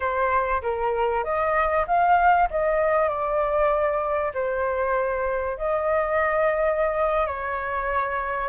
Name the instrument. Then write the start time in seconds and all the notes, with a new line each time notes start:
flute
0.00 C5
0.62 A#4
1.23 D#5
1.87 F5
2.50 D#5
3.08 D5
4.34 C5
5.57 D#5
7.26 C#5